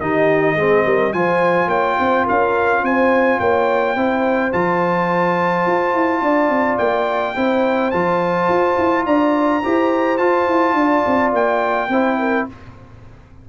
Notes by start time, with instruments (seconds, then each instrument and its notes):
0.00 tuba D#3, trombone D#4, horn G4, trumpet D#5
0.55 tuba G#3, trombone C4, horn G#4
0.85 tuba G3, horn A#4
1.13 tuba F3, trombone F4, horn C5, trumpet G#5
1.67 tuba A#3, horn C#5, trumpet G5
1.99 tuba C4, horn C5
2.24 tuba C#4, horn A#4, trumpet F5
2.83 tuba C4, horn C5, trumpet G#5
3.40 tuba A#3, horn C#5, trumpet G5
3.95 tuba C4, trombone E4, horn C5
4.52 tuba F3, trombone F4, trumpet A5
5.66 tuba F4
5.94 tuba E4
6.21 tuba D4, horn D5
6.49 tuba C4
6.78 tuba A#3, trumpet G5
7.36 tuba C4, trombone E4, horn C5
7.91 tuba F3, trombone F4, trumpet A5
8.49 tuba F4
8.78 tuba E4
9.06 tuba D4, horn D5, trumpet A#5
9.63 tuba E4, trombone G4, horn C5
10.18 trombone F4, tuba F4, trumpet A5
10.47 tuba E4
10.73 tuba D4, horn D5
11.06 tuba C4
11.33 tuba A#3, trumpet G5
11.89 tuba C4, trombone E4, horn C5
12.19 horn A#4